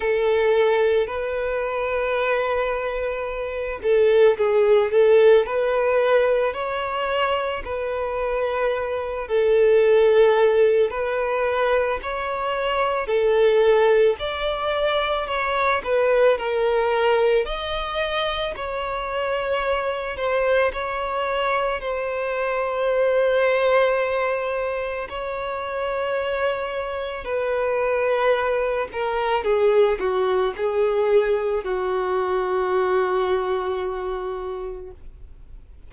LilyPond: \new Staff \with { instrumentName = "violin" } { \time 4/4 \tempo 4 = 55 a'4 b'2~ b'8 a'8 | gis'8 a'8 b'4 cis''4 b'4~ | b'8 a'4. b'4 cis''4 | a'4 d''4 cis''8 b'8 ais'4 |
dis''4 cis''4. c''8 cis''4 | c''2. cis''4~ | cis''4 b'4. ais'8 gis'8 fis'8 | gis'4 fis'2. | }